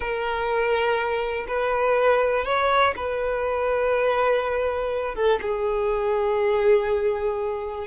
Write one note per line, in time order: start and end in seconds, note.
0.00 1.46 A#4
1.47 2.44 B4
2.44 2.94 C#5
2.96 5.15 B4
5.15 5.39 A4
5.41 7.87 G#4